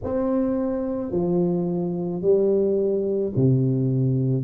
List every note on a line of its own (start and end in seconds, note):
0.03 1.11 C4
1.11 2.21 F3
2.21 3.32 G3
3.36 4.43 C3